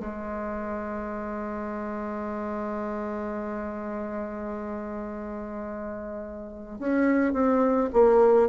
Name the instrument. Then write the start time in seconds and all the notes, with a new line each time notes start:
bassoon
0.00 G#3
6.79 C#4
7.33 C4
7.93 A#3